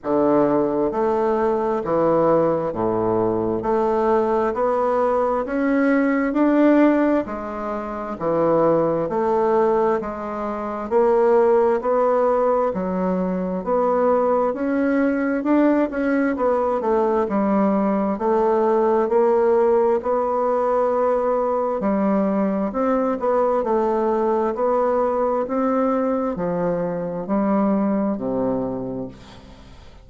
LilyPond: \new Staff \with { instrumentName = "bassoon" } { \time 4/4 \tempo 4 = 66 d4 a4 e4 a,4 | a4 b4 cis'4 d'4 | gis4 e4 a4 gis4 | ais4 b4 fis4 b4 |
cis'4 d'8 cis'8 b8 a8 g4 | a4 ais4 b2 | g4 c'8 b8 a4 b4 | c'4 f4 g4 c4 | }